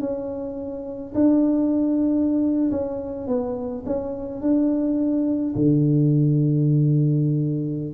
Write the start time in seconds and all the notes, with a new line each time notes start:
0.00 C#4
1.15 D4
2.71 C#4
3.28 B3
3.86 C#4
4.41 D4
5.55 D3